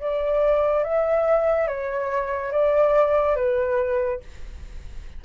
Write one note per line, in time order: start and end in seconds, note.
0.00 0.84 D5
0.84 1.67 E5
1.67 2.52 C#5
2.52 3.36 D5
3.36 4.20 B4